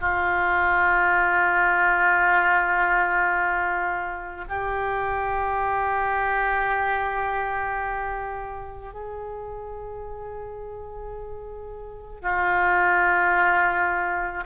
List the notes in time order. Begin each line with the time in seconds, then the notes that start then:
0.00 F4
4.49 G4
8.93 G#4
12.21 F4